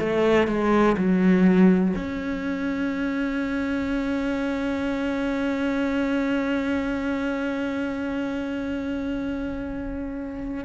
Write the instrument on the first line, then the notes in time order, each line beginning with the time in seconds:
cello
0.00 A3
0.48 G#3
0.98 F#3
1.96 C#4